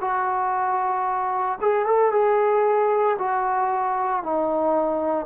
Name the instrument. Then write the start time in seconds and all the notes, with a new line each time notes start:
trombone
0.00 F#4
1.61 G#4
1.85 A4
2.11 G#4
3.18 F#4
4.22 D#4